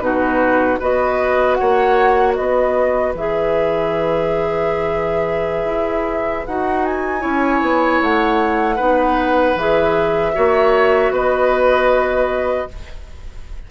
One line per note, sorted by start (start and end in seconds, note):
0.00 0.78 B2
0.00 0.78 D#4
0.00 0.79 F#4
0.00 0.78 B4
0.79 1.59 B3
0.79 3.14 F#4
0.79 1.57 B4
0.79 1.54 D#5
1.54 2.37 C#5
1.54 2.32 F#5
1.61 2.39 A#3
2.35 3.14 B3
2.35 7.20 B4
2.35 3.13 D#5
3.14 5.65 E3
3.14 6.47 G#4
3.14 6.46 E5
5.65 6.43 E4
6.46 7.24 D#4
6.46 7.20 F#4
6.46 6.85 F#5
6.85 8.01 G#5
7.20 7.61 C#4
7.20 8.76 E4
7.20 8.76 C#5
7.61 8.00 B3
8.01 8.79 A3
8.01 9.58 F#5
8.76 9.55 B3
8.76 9.56 D#4
8.76 10.31 B4
9.55 10.33 E3
9.55 10.34 G#4
9.55 11.14 E5
10.34 11.11 A#3
10.34 12.68 F#4
10.34 11.12 C#5
11.11 12.66 B3
11.11 12.68 B4
11.11 12.70 D#5